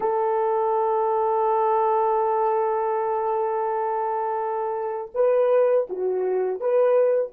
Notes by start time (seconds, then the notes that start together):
0.00 A4
5.14 B4
5.89 F#4
6.60 B4